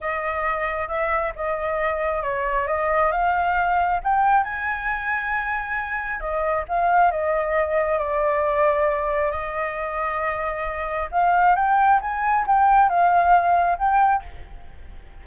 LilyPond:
\new Staff \with { instrumentName = "flute" } { \time 4/4 \tempo 4 = 135 dis''2 e''4 dis''4~ | dis''4 cis''4 dis''4 f''4~ | f''4 g''4 gis''2~ | gis''2 dis''4 f''4 |
dis''2 d''2~ | d''4 dis''2.~ | dis''4 f''4 g''4 gis''4 | g''4 f''2 g''4 | }